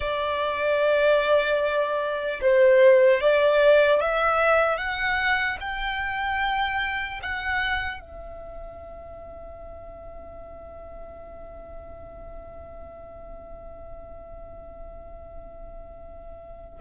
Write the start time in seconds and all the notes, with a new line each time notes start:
0.00 D5
2.41 C5
3.20 D5
4.00 E5
4.77 F#5
5.60 G5
7.22 F#5
8.00 E5